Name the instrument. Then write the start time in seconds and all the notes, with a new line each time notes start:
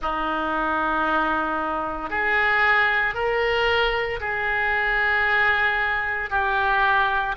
oboe
0.01 D#4
2.10 G#4
3.14 A#4
4.20 G#4
6.30 G4